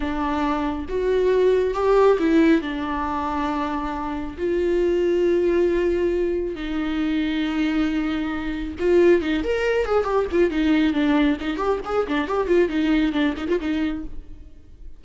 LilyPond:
\new Staff \with { instrumentName = "viola" } { \time 4/4 \tempo 4 = 137 d'2 fis'2 | g'4 e'4 d'2~ | d'2 f'2~ | f'2. dis'4~ |
dis'1 | f'4 dis'8 ais'4 gis'8 g'8 f'8 | dis'4 d'4 dis'8 g'8 gis'8 d'8 | g'8 f'8 dis'4 d'8 dis'16 f'16 dis'4 | }